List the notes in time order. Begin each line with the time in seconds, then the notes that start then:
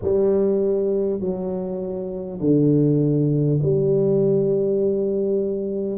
0.02 G3
1.19 F#3
2.40 D3
3.62 G3